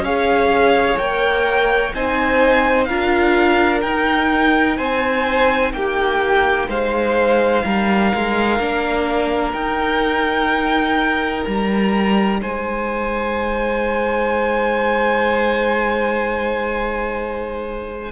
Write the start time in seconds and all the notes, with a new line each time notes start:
0.00 C#4 G#4 C#5 F5
0.98 A#3 A#4 G5
1.94 C4 D#4 C5 G#5
2.85 D4 F4 A#4 F5
3.82 D#4 G5
4.77 C4 C5 G#5
5.73 A#3 G4 G5
6.68 G#3 C5 F5
7.64 G3 A#4
8.15 G#3
8.59 A#3 D4
9.53 D#4 G5
11.45 G3 A#5
12.42 G#3 C5 G#5